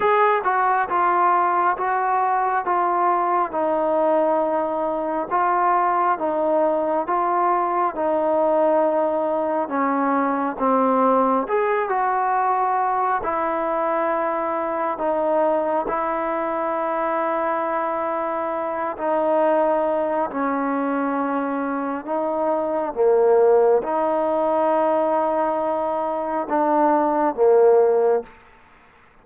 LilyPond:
\new Staff \with { instrumentName = "trombone" } { \time 4/4 \tempo 4 = 68 gis'8 fis'8 f'4 fis'4 f'4 | dis'2 f'4 dis'4 | f'4 dis'2 cis'4 | c'4 gis'8 fis'4. e'4~ |
e'4 dis'4 e'2~ | e'4. dis'4. cis'4~ | cis'4 dis'4 ais4 dis'4~ | dis'2 d'4 ais4 | }